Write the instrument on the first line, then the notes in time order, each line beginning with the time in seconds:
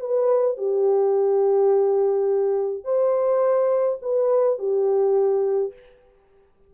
horn
0.00 B4
0.57 G4
2.84 C5
4.02 B4
4.59 G4